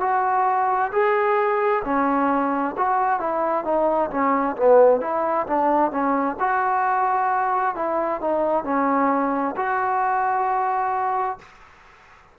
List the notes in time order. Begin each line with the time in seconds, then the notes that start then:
0.00 F#4
0.92 G#4
1.84 C#4
2.77 F#4
3.19 E4
3.64 D#4
4.10 C#4
4.56 B3
5.01 E4
5.46 D4
5.91 C#4
6.40 F#4
7.75 E4
8.20 D#4
8.64 C#4
9.56 F#4